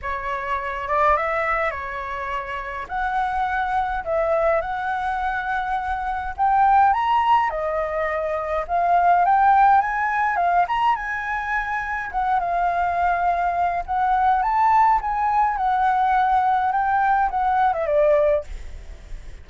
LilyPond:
\new Staff \with { instrumentName = "flute" } { \time 4/4 \tempo 4 = 104 cis''4. d''8 e''4 cis''4~ | cis''4 fis''2 e''4 | fis''2. g''4 | ais''4 dis''2 f''4 |
g''4 gis''4 f''8 ais''8 gis''4~ | gis''4 fis''8 f''2~ f''8 | fis''4 a''4 gis''4 fis''4~ | fis''4 g''4 fis''8. e''16 d''4 | }